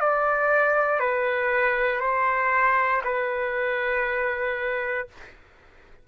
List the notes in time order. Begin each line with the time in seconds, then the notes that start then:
0.00 D5
0.99 B4
2.00 C5
3.04 B4